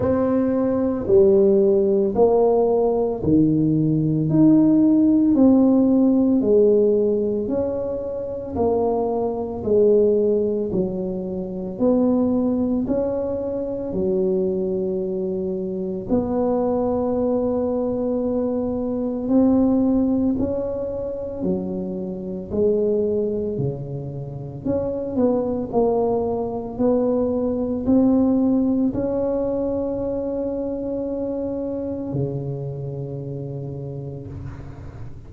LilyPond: \new Staff \with { instrumentName = "tuba" } { \time 4/4 \tempo 4 = 56 c'4 g4 ais4 dis4 | dis'4 c'4 gis4 cis'4 | ais4 gis4 fis4 b4 | cis'4 fis2 b4~ |
b2 c'4 cis'4 | fis4 gis4 cis4 cis'8 b8 | ais4 b4 c'4 cis'4~ | cis'2 cis2 | }